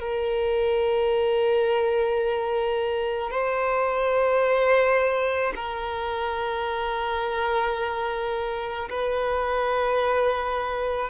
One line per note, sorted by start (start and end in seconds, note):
0.00 3.31 A#4
3.31 5.53 C5
5.56 8.89 A#4
8.89 11.10 B4